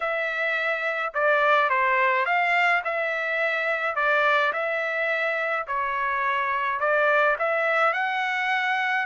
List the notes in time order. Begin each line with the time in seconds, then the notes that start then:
0.00 E5
1.13 D5
1.69 C5
2.25 F5
2.84 E5
3.95 D5
4.53 E5
5.67 C#5
6.80 D5
7.38 E5
7.93 F#5